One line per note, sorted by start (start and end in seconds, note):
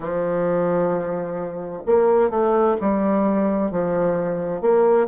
0.00 1.83 F3
1.86 2.30 A#3
2.30 2.76 A3
2.80 3.71 G3
3.71 4.61 F3
4.61 5.07 A#3